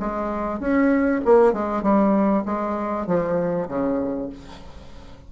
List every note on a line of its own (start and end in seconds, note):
0.00 0.60 G#3
0.60 1.21 C#4
1.25 1.53 A#3
1.53 1.83 G#3
1.83 2.44 G3
2.46 3.07 G#3
3.07 3.68 F3
3.68 4.30 C#3